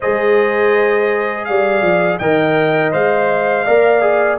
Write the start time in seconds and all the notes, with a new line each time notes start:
0.00 G#3 G#4 C5 D#5
1.44 G3 D5 F5
1.82 F3
2.18 D#3 A#4 D#5 G5
2.92 G#3 C5 F5
3.65 A#3 A#4 D5
4.01 G#4